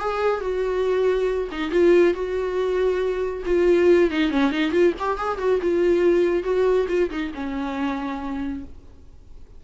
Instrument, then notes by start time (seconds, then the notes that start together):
viola
0.00 G#4
0.41 F#4
1.52 D#4
1.71 F4
2.14 F#4
3.46 F4
4.11 D#4
4.31 C#4
4.51 D#4
4.72 F4
4.99 G4
5.18 G#4
5.38 F#4
5.62 F4
6.44 F#4
6.88 F4
7.10 D#4
7.35 C#4